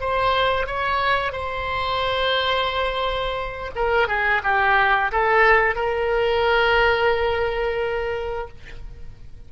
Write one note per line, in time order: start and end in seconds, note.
0.00 0.66 C5
0.66 1.32 C#5
1.32 3.71 C5
3.75 4.08 A#4
4.08 4.42 G#4
4.43 5.11 G4
5.12 5.75 A4
5.75 8.48 A#4